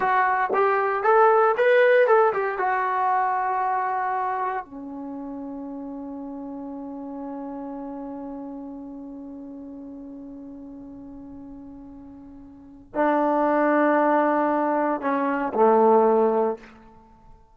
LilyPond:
\new Staff \with { instrumentName = "trombone" } { \time 4/4 \tempo 4 = 116 fis'4 g'4 a'4 b'4 | a'8 g'8 fis'2.~ | fis'4 cis'2.~ | cis'1~ |
cis'1~ | cis'1~ | cis'4 d'2.~ | d'4 cis'4 a2 | }